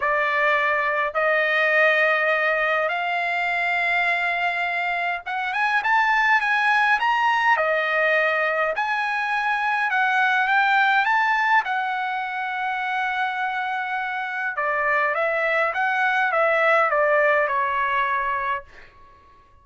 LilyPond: \new Staff \with { instrumentName = "trumpet" } { \time 4/4 \tempo 4 = 103 d''2 dis''2~ | dis''4 f''2.~ | f''4 fis''8 gis''8 a''4 gis''4 | ais''4 dis''2 gis''4~ |
gis''4 fis''4 g''4 a''4 | fis''1~ | fis''4 d''4 e''4 fis''4 | e''4 d''4 cis''2 | }